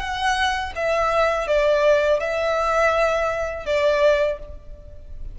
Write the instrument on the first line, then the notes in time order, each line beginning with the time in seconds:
violin
0.00 F#5
0.76 E5
1.48 D5
2.20 E5
3.67 D5